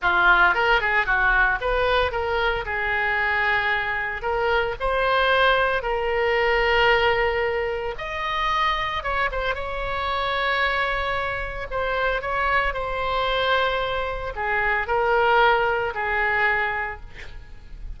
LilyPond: \new Staff \with { instrumentName = "oboe" } { \time 4/4 \tempo 4 = 113 f'4 ais'8 gis'8 fis'4 b'4 | ais'4 gis'2. | ais'4 c''2 ais'4~ | ais'2. dis''4~ |
dis''4 cis''8 c''8 cis''2~ | cis''2 c''4 cis''4 | c''2. gis'4 | ais'2 gis'2 | }